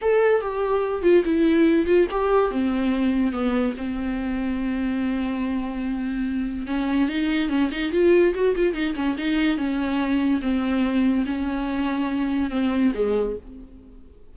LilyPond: \new Staff \with { instrumentName = "viola" } { \time 4/4 \tempo 4 = 144 a'4 g'4. f'8 e'4~ | e'8 f'8 g'4 c'2 | b4 c'2.~ | c'1 |
cis'4 dis'4 cis'8 dis'8 f'4 | fis'8 f'8 dis'8 cis'8 dis'4 cis'4~ | cis'4 c'2 cis'4~ | cis'2 c'4 gis4 | }